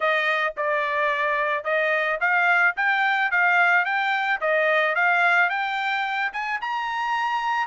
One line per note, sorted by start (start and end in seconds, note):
0.00 0.54 D#5
0.56 1.63 D5
1.63 2.18 D#5
2.20 2.75 F5
2.76 3.31 G5
3.31 3.85 F5
3.85 4.40 G5
4.41 4.95 D#5
4.95 5.49 F5
5.49 6.32 G5
6.33 6.60 G#5
6.61 7.67 A#5